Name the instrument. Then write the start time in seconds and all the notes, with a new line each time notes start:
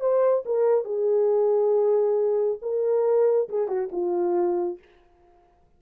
horn
0.00 C5
0.45 A#4
0.85 G#4
2.61 A#4
3.49 G#4
3.68 F#4
3.92 F4